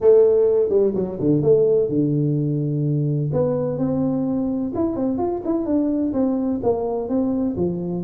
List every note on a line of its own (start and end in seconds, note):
0.00 0.69 A3
0.69 0.92 G3
0.94 1.18 F#3
1.20 1.42 D3
1.42 1.89 A3
1.89 3.30 D3
3.33 3.78 B3
3.78 4.72 C4
4.74 4.96 E4
4.96 5.17 C4
5.17 5.41 F4
5.44 5.65 E4
5.65 6.13 D4
6.13 6.60 C4
6.62 7.08 A#3
7.08 7.56 C4
7.56 8.03 F3